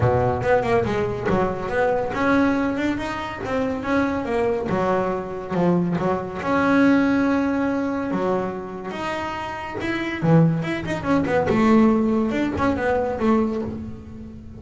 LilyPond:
\new Staff \with { instrumentName = "double bass" } { \time 4/4 \tempo 4 = 141 b,4 b8 ais8 gis4 fis4 | b4 cis'4. d'8 dis'4 | c'4 cis'4 ais4 fis4~ | fis4 f4 fis4 cis'4~ |
cis'2. fis4~ | fis4 dis'2 e'4 | e4 e'8 dis'8 cis'8 b8 a4~ | a4 d'8 cis'8 b4 a4 | }